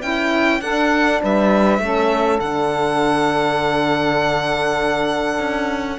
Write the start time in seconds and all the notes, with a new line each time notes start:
0.00 C#4 E4 G5
0.61 D4 A4 F#5
1.23 G3 B4 E5
1.79 A3 C#4 A4
2.40 D3 D4 F#5
5.39 C#4